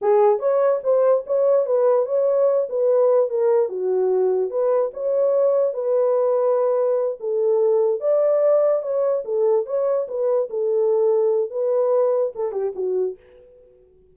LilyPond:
\new Staff \with { instrumentName = "horn" } { \time 4/4 \tempo 4 = 146 gis'4 cis''4 c''4 cis''4 | b'4 cis''4. b'4. | ais'4 fis'2 b'4 | cis''2 b'2~ |
b'4. a'2 d''8~ | d''4. cis''4 a'4 cis''8~ | cis''8 b'4 a'2~ a'8 | b'2 a'8 g'8 fis'4 | }